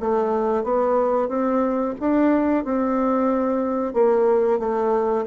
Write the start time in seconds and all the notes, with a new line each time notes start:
0.00 A3
0.64 B3
1.29 C4
2.00 D4
2.65 C4
3.94 A#3
4.59 A3